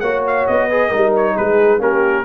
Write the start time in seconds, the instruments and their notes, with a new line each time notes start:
0.00 tuba A#3, trombone F#4, horn C#5, trumpet F#5
0.27 trumpet F5
0.47 tuba B3, trumpet D#5
0.69 trombone G#4, horn B4
0.89 tuba G3, trombone D#4, horn A#4
1.16 trumpet C#5
1.36 tuba G#3, horn G#4, trumpet B4
1.79 tuba A#3, trombone C#4, horn G4, trumpet A#4